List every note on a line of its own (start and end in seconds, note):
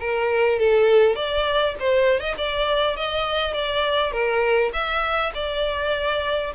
0.00 0.59 A#4
0.59 1.16 A4
1.16 1.75 D5
1.79 2.20 C5
2.20 2.35 D#5
2.37 2.96 D5
2.96 3.54 D#5
3.54 4.12 D5
4.12 4.71 A#4
4.73 5.32 E5
5.34 6.53 D5